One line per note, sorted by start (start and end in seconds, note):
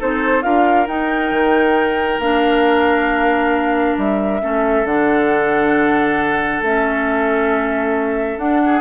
0.00 0.46 C4
0.00 0.43 D#4
0.00 0.44 A4
0.00 0.43 C5
0.43 0.88 D4
0.43 0.87 F4
0.43 4.42 A#4
0.43 0.87 F5
0.88 1.32 D#4
0.88 2.21 D#4
0.88 2.21 G5
1.32 2.20 D#3
2.20 3.96 A#3
2.20 4.41 D4
2.20 3.97 F5
3.98 4.42 G3
3.98 4.87 E5
4.41 4.85 A3
4.41 4.86 C#4
4.41 8.62 A4
4.85 6.61 D3
4.85 6.64 D4
4.85 6.63 F#5
6.62 8.38 A3
6.62 8.39 C#4
6.62 8.39 E5
8.38 8.81 D4
8.38 8.81 F#5
8.66 8.81 G#4